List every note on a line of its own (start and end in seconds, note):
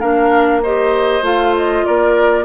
0.00 1.22 A#3
0.00 0.62 D4
0.00 0.61 A#4
0.00 0.61 F5
0.63 1.22 G4
0.63 1.86 C5
0.63 1.24 D#5
1.22 1.83 A3
1.22 2.45 F4
1.22 1.55 F5
1.56 1.85 D#5
1.85 2.45 A#3
1.85 2.45 A#4
1.85 2.45 D5